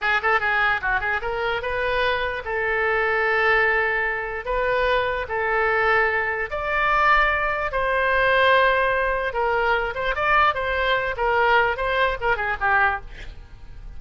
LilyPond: \new Staff \with { instrumentName = "oboe" } { \time 4/4 \tempo 4 = 148 gis'8 a'8 gis'4 fis'8 gis'8 ais'4 | b'2 a'2~ | a'2. b'4~ | b'4 a'2. |
d''2. c''4~ | c''2. ais'4~ | ais'8 c''8 d''4 c''4. ais'8~ | ais'4 c''4 ais'8 gis'8 g'4 | }